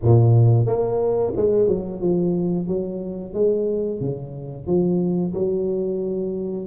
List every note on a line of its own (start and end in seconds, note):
0.02 0.66 A#2
0.66 1.33 A#3
1.36 1.68 G#3
1.68 2.01 F#3
2.01 2.67 F3
2.67 3.33 F#3
3.33 4.00 G#3
4.00 4.67 C#3
4.67 5.33 F3
5.34 6.67 F#3